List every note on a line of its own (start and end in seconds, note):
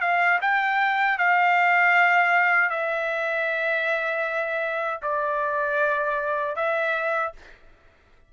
0.00 0.38 F5
0.41 1.17 G5
1.17 2.70 F5
2.70 5.00 E5
5.02 6.55 D5
6.55 7.32 E5